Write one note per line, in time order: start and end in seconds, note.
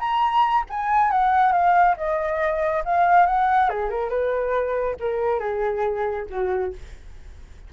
0.00 0.65 A#5
0.70 1.11 G#5
1.11 1.53 F#5
1.53 1.96 F5
1.98 2.84 D#5
2.85 3.27 F5
3.27 3.70 F#5
3.70 3.90 G#4
3.90 4.10 A#4
4.10 4.96 B4
5.00 5.40 A#4
5.40 6.26 G#4
6.30 6.74 F#4